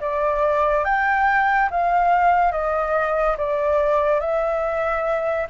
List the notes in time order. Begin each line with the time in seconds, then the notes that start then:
0.00 D5
0.85 G5
1.71 F5
2.52 D#5
3.37 D5
4.20 E5